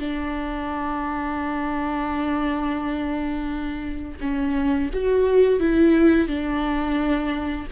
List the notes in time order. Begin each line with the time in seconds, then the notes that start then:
0.00 D4
4.21 C#4
4.94 F#4
5.60 E4
6.28 D4